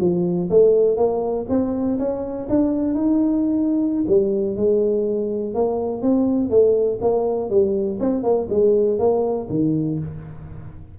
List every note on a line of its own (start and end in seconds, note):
0.00 0.49 F3
0.50 0.97 A3
0.97 1.46 A#3
1.49 1.98 C4
1.99 2.48 C#4
2.49 2.94 D4
2.94 4.05 D#4
4.08 4.56 G3
4.56 5.54 G#3
5.54 6.02 A#3
6.02 6.50 C4
6.50 6.99 A3
7.01 7.50 A#3
7.50 7.99 G3
8.00 8.23 C4
8.23 8.48 A#3
8.49 8.99 G#3
8.99 9.48 A#3
9.50 9.99 D#3